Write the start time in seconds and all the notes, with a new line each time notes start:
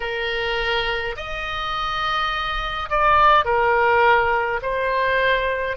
0.00 A#4
1.16 D#5
2.89 D5
3.45 A#4
4.62 C5